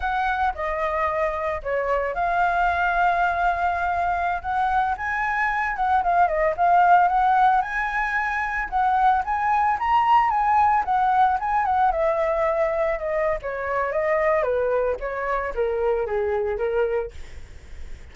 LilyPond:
\new Staff \with { instrumentName = "flute" } { \time 4/4 \tempo 4 = 112 fis''4 dis''2 cis''4 | f''1~ | f''16 fis''4 gis''4. fis''8 f''8 dis''16~ | dis''16 f''4 fis''4 gis''4.~ gis''16~ |
gis''16 fis''4 gis''4 ais''4 gis''8.~ | gis''16 fis''4 gis''8 fis''8 e''4.~ e''16~ | e''16 dis''8. cis''4 dis''4 b'4 | cis''4 ais'4 gis'4 ais'4 | }